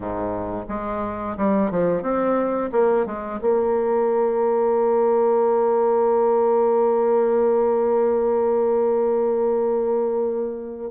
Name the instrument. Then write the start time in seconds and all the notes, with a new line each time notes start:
bassoon
0.00 G#2
0.68 G#3
1.37 G3
1.70 F3
2.02 C4
2.71 A#3
3.06 G#3
3.41 A#3